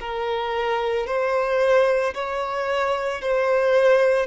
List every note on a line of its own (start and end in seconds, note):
0.00 1.06 A#4
1.06 2.13 C5
2.14 3.21 C#5
3.21 4.26 C5